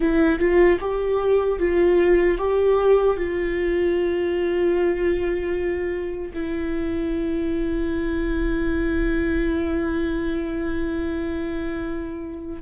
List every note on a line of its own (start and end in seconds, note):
0.00 0.39 E4
0.39 0.78 F4
0.80 1.59 G4
1.59 2.38 F4
2.38 3.16 G4
3.16 6.32 F4
6.33 12.62 E4